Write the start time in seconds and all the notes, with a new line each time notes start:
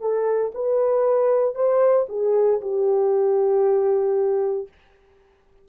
0.00 A4
0.54 B4
1.54 C5
2.09 G#4
2.61 G4